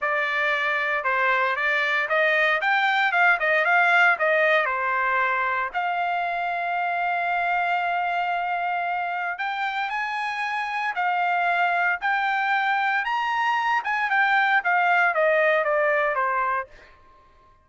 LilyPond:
\new Staff \with { instrumentName = "trumpet" } { \time 4/4 \tempo 4 = 115 d''2 c''4 d''4 | dis''4 g''4 f''8 dis''8 f''4 | dis''4 c''2 f''4~ | f''1~ |
f''2 g''4 gis''4~ | gis''4 f''2 g''4~ | g''4 ais''4. gis''8 g''4 | f''4 dis''4 d''4 c''4 | }